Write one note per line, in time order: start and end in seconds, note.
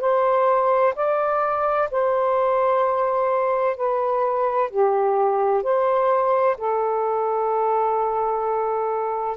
0.00 0.94 C5
0.95 1.89 D5
1.91 3.76 C5
3.76 4.70 B4
4.70 5.62 G4
5.62 6.56 C5
6.57 9.36 A4